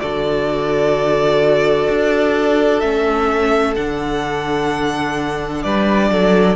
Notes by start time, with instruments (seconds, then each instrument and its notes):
0.00 cello D3, viola F#4, violin A4 D5
1.88 cello D4
2.80 cello A3, viola C#4, violin E5
3.76 cello D3, viola D4, violin F#5
5.62 cello G3, violin B4 D5
6.11 cello F#3, violin A4